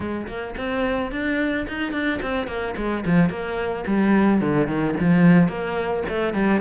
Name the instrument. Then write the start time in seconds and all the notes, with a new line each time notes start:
cello
0.00 G#3
0.27 A#3
0.57 C4
1.11 D4
1.68 D#4
1.92 D4
2.21 C4
2.47 A#3
2.76 G#3
3.05 F3
3.29 A#3
3.87 G3
4.41 D3
4.67 D#3
5.00 F3
5.48 A#3
6.08 A3
6.33 G3